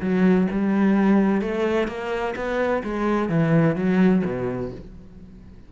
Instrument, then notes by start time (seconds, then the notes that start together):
cello
0.00 F#3
0.50 G3
1.41 A3
1.87 A#3
2.35 B3
2.83 G#3
3.29 E3
3.75 F#3
4.24 B2